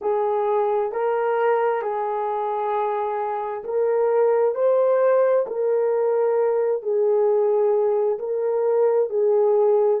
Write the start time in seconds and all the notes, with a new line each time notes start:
0.01 G#4
0.91 A#4
1.81 G#4
3.64 A#4
4.55 C5
5.46 A#4
6.82 G#4
8.19 A#4
9.09 G#4